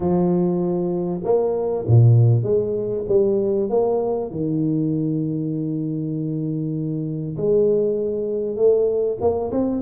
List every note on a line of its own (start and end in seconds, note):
0.00 1.20 F3
1.24 1.85 A#3
1.87 2.43 A#2
2.43 3.04 G#3
3.08 3.69 G3
3.69 4.30 A#3
4.30 7.36 D#3
7.37 8.56 G#3
8.56 9.17 A3
9.20 9.51 A#3
9.51 9.81 C4